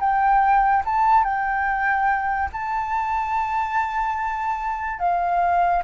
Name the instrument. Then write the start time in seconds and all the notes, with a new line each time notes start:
flute
0.00 G5
0.85 A5
1.24 G5
2.52 A5
4.99 F5